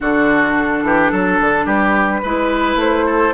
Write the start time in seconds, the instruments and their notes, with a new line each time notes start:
0.00 bassoon D3, clarinet D4, oboe F#4, flute A4
0.83 bassoon E3, oboe G4
1.11 bassoon F#3, oboe A4
1.40 bassoon D3
1.65 bassoon G3, oboe G4, flute B4
2.22 bassoon G#3, clarinet E4, oboe B4
2.75 bassoon A3, flute C5
3.06 oboe A4